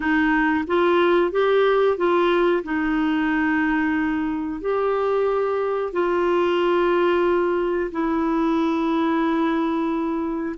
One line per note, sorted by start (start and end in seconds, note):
0.00 0.64 D#4
0.67 1.31 F4
1.31 1.97 G4
1.97 2.63 F4
2.63 4.60 D#4
4.60 5.92 G4
5.93 7.90 F4
7.91 10.55 E4